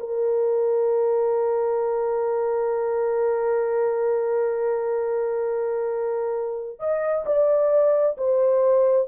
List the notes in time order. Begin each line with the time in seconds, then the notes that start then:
0.00 A#4
6.80 D#5
7.26 D5
8.18 C5